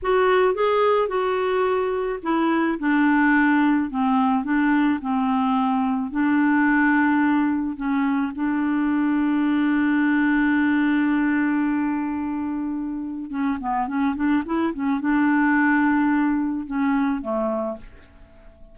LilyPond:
\new Staff \with { instrumentName = "clarinet" } { \time 4/4 \tempo 4 = 108 fis'4 gis'4 fis'2 | e'4 d'2 c'4 | d'4 c'2 d'4~ | d'2 cis'4 d'4~ |
d'1~ | d'1 | cis'8 b8 cis'8 d'8 e'8 cis'8 d'4~ | d'2 cis'4 a4 | }